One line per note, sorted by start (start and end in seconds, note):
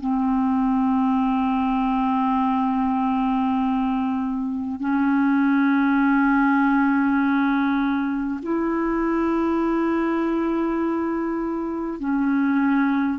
0.00 4.79 C4
4.79 8.39 C#4
8.42 11.99 E4
11.99 13.18 C#4